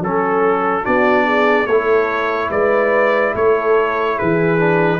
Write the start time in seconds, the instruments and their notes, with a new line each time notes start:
0.00 tuba F#3, trombone C#4, horn A4, trumpet A4
0.83 tuba B3, trombone D4, horn F#4, trumpet D5
1.25 horn G#4
1.66 tuba A3, trombone E4, horn A4, trumpet C#5
2.50 tuba G#3, horn B4, trumpet D5
3.35 tuba A3, horn A4, trumpet C#5
4.16 tuba E3, horn G#4, trumpet B4
4.59 trombone D4